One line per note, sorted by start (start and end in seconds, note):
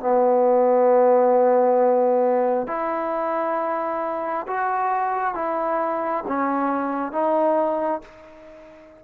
0.00 2.67 B3
2.67 4.46 E4
4.47 5.34 F#4
5.34 6.24 E4
6.27 7.12 C#4
7.12 8.01 D#4